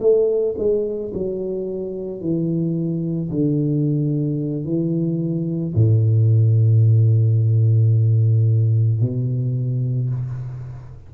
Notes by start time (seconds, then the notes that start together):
0.00 A3
0.58 G#3
1.14 F#3
2.20 E3
3.30 D3
4.65 E3
5.74 A2
9.00 B2